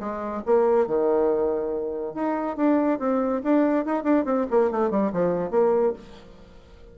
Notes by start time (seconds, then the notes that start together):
0.00 G#3
0.46 A#3
0.87 D#3
2.14 D#4
2.57 D4
2.99 C4
3.43 D4
3.85 D#4
4.03 D4
4.25 C4
4.50 A#3
4.71 A3
4.91 G3
5.13 F3
5.50 A#3